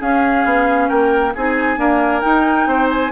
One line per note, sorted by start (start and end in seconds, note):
0.00 1.33 C#4
0.00 0.45 C#4
0.00 0.89 G#4
0.00 0.89 F5
0.45 0.90 B3
0.89 1.35 A#3
0.89 1.34 A#4
0.89 1.34 G5
1.35 1.78 C4
1.35 1.77 D#4
1.35 1.80 G#4
1.35 2.22 G#5
1.77 2.22 A#3
1.77 2.22 D4
1.77 2.68 A#4
2.22 3.10 D#4
2.22 2.67 D#4
2.22 2.88 G5
2.67 3.11 C4
2.67 3.12 C5
2.91 3.12 G#5